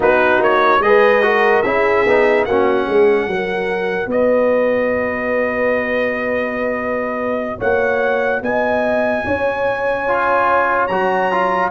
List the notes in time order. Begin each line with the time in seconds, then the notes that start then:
0.00 B3 D#4 F#4 B4
0.40 A#3 C#5
0.79 G#3 G#4 B4 D#5
1.22 F#4 A#4
1.62 C#4 E4 G#4 E5
2.06 B3 D#4
2.45 A#3 C#4 F#4 F#5
2.86 G#3 G#4
3.27 F#3 F#4 A#4
4.06 B3 B4 D#5
7.57 A#3 C#5 F#5
8.41 B3 D#5 G#5
9.25 C#4 C#5
10.07 F4
10.87 F#3 F#4 A#5
11.32 F4